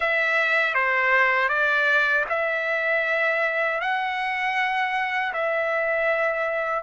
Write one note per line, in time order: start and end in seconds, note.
0.00 0.74 E5
0.74 1.48 C5
1.48 2.24 D5
2.29 3.80 E5
3.80 5.32 F#5
5.33 6.83 E5